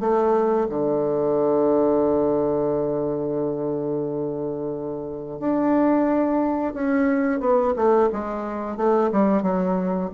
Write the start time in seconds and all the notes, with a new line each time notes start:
0.00 A3
0.69 D3
5.39 D4
6.73 C#4
7.40 B3
7.76 A3
8.12 G#3
8.77 A3
9.12 G3
9.42 F#3